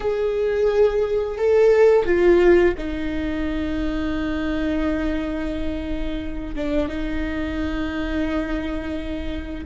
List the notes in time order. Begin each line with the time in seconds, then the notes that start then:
0.00 G#4
1.38 A4
2.05 F4
2.77 D#4
6.55 D4
6.88 D#4